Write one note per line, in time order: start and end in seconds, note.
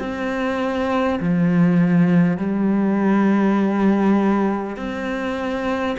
0.00 1.20 C4
1.21 2.38 F3
2.38 4.77 G3
4.77 5.97 C4